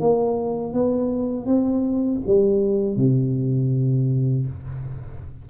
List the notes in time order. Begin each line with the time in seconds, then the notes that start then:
0.00 A#3
0.74 B3
1.46 C4
2.27 G3
2.97 C3